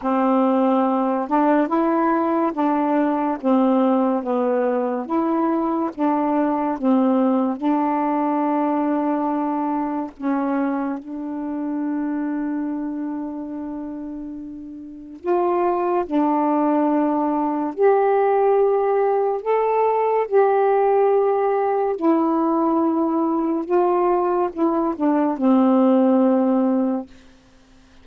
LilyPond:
\new Staff \with { instrumentName = "saxophone" } { \time 4/4 \tempo 4 = 71 c'4. d'8 e'4 d'4 | c'4 b4 e'4 d'4 | c'4 d'2. | cis'4 d'2.~ |
d'2 f'4 d'4~ | d'4 g'2 a'4 | g'2 e'2 | f'4 e'8 d'8 c'2 | }